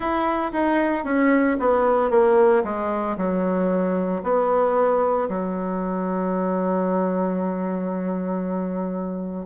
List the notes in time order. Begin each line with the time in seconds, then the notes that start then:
0.00 E4
0.52 D#4
1.04 C#4
1.59 B3
2.10 A#3
2.64 G#3
3.17 F#3
4.23 B3
5.29 F#3